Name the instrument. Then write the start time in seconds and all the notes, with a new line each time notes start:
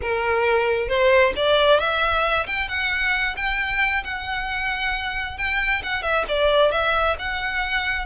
violin
0.01 A#4
0.88 C5
1.36 D5
1.79 E5
2.46 G5
2.68 F#5
3.36 G5
4.04 F#5
5.37 G5
5.82 F#5
6.02 E5
6.28 D5
6.71 E5
7.18 F#5